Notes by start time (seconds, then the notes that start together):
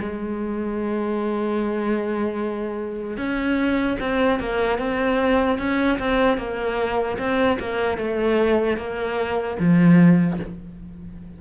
0.00 G#3
3.17 C#4
4.00 C4
4.40 A#3
4.79 C4
5.59 C#4
5.99 C4
6.38 A#3
7.19 C4
7.60 A#3
7.98 A3
8.78 A#3
9.60 F3